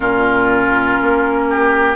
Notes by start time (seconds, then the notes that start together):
0.00 A#2 C#4 F4 A#4
1.01 A#3
1.49 G4